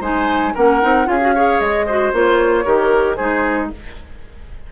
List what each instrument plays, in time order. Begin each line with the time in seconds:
0.00 bassoon G#3, clarinet D#4, oboe C5, flute G#5
0.54 bassoon A#3, clarinet C#4, oboe A#4, flute F#5
0.81 bassoon C4, clarinet D#4
1.05 bassoon C#4, clarinet F4, oboe G#4, flute F5
1.21 clarinet F#4
1.35 clarinet G#4, oboe C#5
1.60 bassoon G#3, flute D#5
1.86 clarinet F#4, oboe C5
2.12 bassoon A#3, clarinet F4, flute C#5
2.64 bassoon D#3, clarinet G4, oboe A#4
3.15 bassoon G#3, clarinet D#4, oboe G#4, flute C5